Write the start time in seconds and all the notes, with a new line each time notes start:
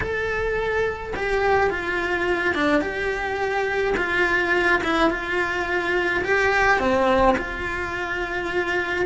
0.00 A4
1.16 G4
1.70 F4
2.55 D4
2.81 G4
3.97 F4
4.83 E4
5.10 F4
6.24 G4
6.79 C4
7.37 F4